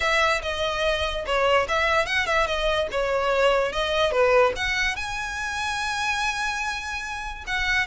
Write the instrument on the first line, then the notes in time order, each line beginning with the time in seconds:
violin
0.00 E5
0.42 D#5
1.26 C#5
1.68 E5
2.06 F#5
2.26 E5
2.46 D#5
2.91 C#5
3.72 D#5
4.11 B4
4.55 F#5
4.96 G#5
7.46 F#5